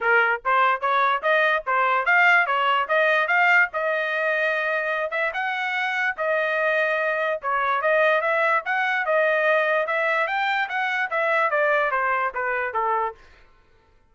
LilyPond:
\new Staff \with { instrumentName = "trumpet" } { \time 4/4 \tempo 4 = 146 ais'4 c''4 cis''4 dis''4 | c''4 f''4 cis''4 dis''4 | f''4 dis''2.~ | dis''8 e''8 fis''2 dis''4~ |
dis''2 cis''4 dis''4 | e''4 fis''4 dis''2 | e''4 g''4 fis''4 e''4 | d''4 c''4 b'4 a'4 | }